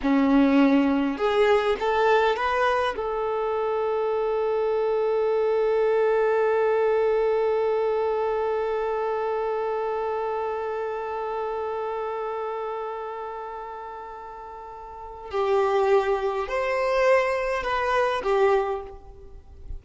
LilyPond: \new Staff \with { instrumentName = "violin" } { \time 4/4 \tempo 4 = 102 cis'2 gis'4 a'4 | b'4 a'2.~ | a'1~ | a'1~ |
a'1~ | a'1~ | a'2 g'2 | c''2 b'4 g'4 | }